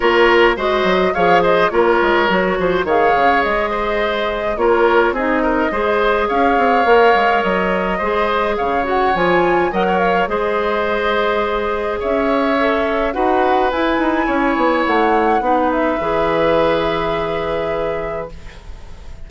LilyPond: <<
  \new Staff \with { instrumentName = "flute" } { \time 4/4 \tempo 4 = 105 cis''4 dis''4 f''8 dis''8 cis''4~ | cis''4 f''4 dis''2 | cis''4 dis''2 f''4~ | f''4 dis''2 f''8 fis''8 |
gis''4 fis''8 f''8 dis''2~ | dis''4 e''2 fis''4 | gis''2 fis''4. e''8~ | e''1 | }
  \new Staff \with { instrumentName = "oboe" } { \time 4/4 ais'4 c''4 cis''8 c''8 ais'4~ | ais'8 c''8 cis''4. c''4. | ais'4 gis'8 ais'8 c''4 cis''4~ | cis''2 c''4 cis''4~ |
cis''4 dis''16 cis''8. c''2~ | c''4 cis''2 b'4~ | b'4 cis''2 b'4~ | b'1 | }
  \new Staff \with { instrumentName = "clarinet" } { \time 4/4 f'4 fis'4 gis'4 f'4 | fis'4 gis'2. | f'4 dis'4 gis'2 | ais'2 gis'4. fis'8 |
f'4 ais'4 gis'2~ | gis'2 a'4 fis'4 | e'2. dis'4 | gis'1 | }
  \new Staff \with { instrumentName = "bassoon" } { \time 4/4 ais4 gis8 fis8 f4 ais8 gis8 | fis8 f8 dis8 cis8 gis2 | ais4 c'4 gis4 cis'8 c'8 | ais8 gis8 fis4 gis4 cis4 |
f4 fis4 gis2~ | gis4 cis'2 dis'4 | e'8 dis'8 cis'8 b8 a4 b4 | e1 | }
>>